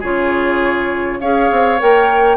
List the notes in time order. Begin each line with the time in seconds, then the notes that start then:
0.00 C#3 F4 G#4 C#5
1.21 C#4 G#4 C#5 F5
1.51 C4
1.79 A#3 A#4 G5